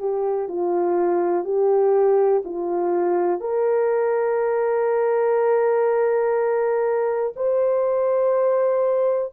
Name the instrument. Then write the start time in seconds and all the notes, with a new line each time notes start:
horn
0.00 G4
0.48 F4
1.45 G4
2.45 F4
3.41 A#4
7.36 C5